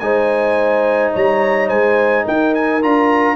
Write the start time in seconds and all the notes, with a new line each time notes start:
0.00 G#3 D#4 C5 G#5
1.13 G3 C#5 A#5
1.68 G#3 C5 G#5
2.25 D#4 A#4 G5
2.55 G#5
2.82 D4 F4 A#5